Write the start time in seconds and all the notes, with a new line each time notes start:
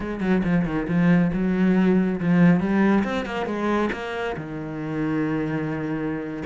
0.00 G#3
0.20 F#3
0.43 F3
0.65 D#3
0.88 F3
1.33 F#3
2.20 F3
2.60 G3
3.03 C4
3.25 A#3
3.46 G#3
3.92 A#3
4.37 D#3